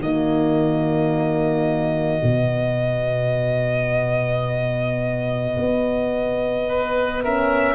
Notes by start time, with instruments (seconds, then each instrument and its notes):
0.00 tuba D#3, horn A#3, oboe F#4, violin D#5
2.23 tuba B2, horn B3
5.57 tuba B3
6.69 oboe B4
7.24 horn C#4, oboe A#4, violin E5